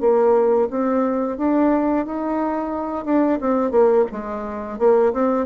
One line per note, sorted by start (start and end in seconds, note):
0.00 0.68 A#3
0.70 1.38 C4
1.38 2.06 D4
2.06 3.05 D#4
3.05 3.39 D4
3.41 3.71 C4
3.71 4.05 A#3
4.12 4.79 G#3
4.79 5.13 A#3
5.13 5.46 C4